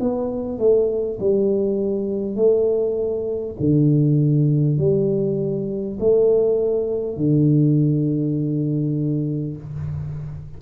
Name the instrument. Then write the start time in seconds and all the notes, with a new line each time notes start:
tuba
0.00 B3
0.58 A3
1.19 G3
2.36 A3
3.59 D3
4.78 G3
5.99 A3
7.17 D3